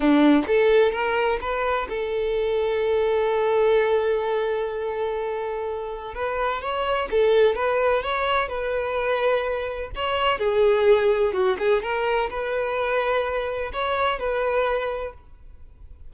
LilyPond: \new Staff \with { instrumentName = "violin" } { \time 4/4 \tempo 4 = 127 d'4 a'4 ais'4 b'4 | a'1~ | a'1~ | a'4 b'4 cis''4 a'4 |
b'4 cis''4 b'2~ | b'4 cis''4 gis'2 | fis'8 gis'8 ais'4 b'2~ | b'4 cis''4 b'2 | }